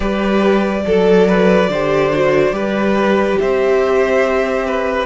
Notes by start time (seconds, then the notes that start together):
0.00 G3 G4 B4 D5
0.85 F#3 A4
1.27 B4
1.68 D3 G4 C5
2.13 F#4
2.51 G3 G4 B4
3.38 C4 C5 E5
4.66 B4